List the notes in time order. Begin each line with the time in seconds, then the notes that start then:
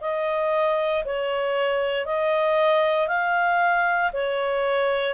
0.00 D#5
1.04 C#5
2.05 D#5
3.08 F5
4.12 C#5